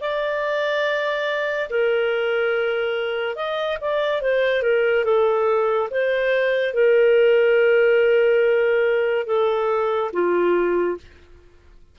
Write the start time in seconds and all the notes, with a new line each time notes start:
0.00 D5
1.69 A#4
3.35 D#5
3.81 D5
4.21 C5
4.62 A#4
5.04 A4
5.90 C5
6.73 A#4
9.26 A4
10.13 F4